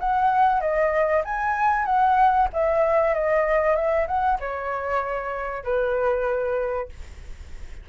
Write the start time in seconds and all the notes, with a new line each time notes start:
0.00 F#5
0.61 D#5
1.25 G#5
1.86 F#5
2.53 E5
3.14 D#5
3.76 E5
4.07 F#5
4.40 C#5
5.64 B4